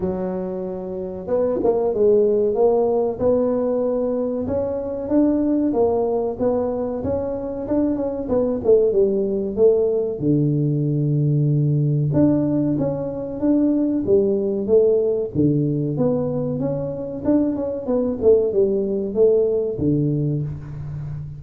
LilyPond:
\new Staff \with { instrumentName = "tuba" } { \time 4/4 \tempo 4 = 94 fis2 b8 ais8 gis4 | ais4 b2 cis'4 | d'4 ais4 b4 cis'4 | d'8 cis'8 b8 a8 g4 a4 |
d2. d'4 | cis'4 d'4 g4 a4 | d4 b4 cis'4 d'8 cis'8 | b8 a8 g4 a4 d4 | }